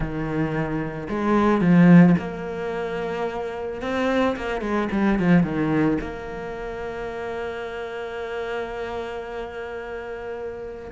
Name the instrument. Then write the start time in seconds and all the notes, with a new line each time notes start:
cello
0.00 D#3
1.09 G#3
1.61 F3
2.18 A#3
3.81 C4
4.36 A#3
4.61 G#3
4.91 G3
5.19 F3
5.43 D#3
6.00 A#3